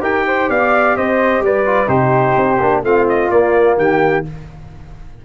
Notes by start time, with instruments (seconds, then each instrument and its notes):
0.00 tuba D#4, trombone G4, flute A#4, trumpet G5
0.26 flute C5
0.49 tuba B3, flute D5, trumpet F5
0.96 tuba C4, flute C5, trumpet D#5
1.40 tuba G3, flute B4, trumpet D5
1.65 trombone F4
1.87 tuba C3, trombone D#4, flute G4, trumpet C5
2.36 tuba C4
2.60 tuba A#3, trombone D4
2.83 tuba A3, trombone C4, flute F4, trumpet F5
3.08 trumpet D#5
3.30 tuba A#3, trombone A#3, trumpet D5
3.77 tuba D#3, flute G4, trumpet G5